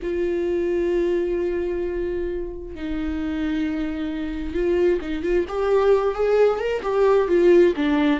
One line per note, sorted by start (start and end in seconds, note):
0.02 2.75 F4
2.75 4.54 D#4
4.54 4.99 F4
5.01 5.23 D#4
5.23 5.45 F4
5.48 6.14 G4
6.14 6.59 G#4
6.59 6.82 A#4
6.82 7.27 G4
7.27 7.73 F4
7.75 8.20 D4